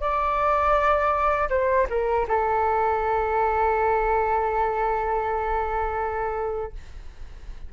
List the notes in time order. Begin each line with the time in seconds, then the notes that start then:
0.00 D5
1.49 C5
1.89 A#4
2.28 A4